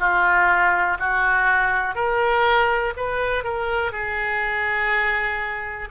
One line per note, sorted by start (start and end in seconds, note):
0.00 0.98 F4
1.00 1.95 F#4
1.95 2.94 A#4
2.97 3.44 B4
3.44 3.92 A#4
3.92 5.89 G#4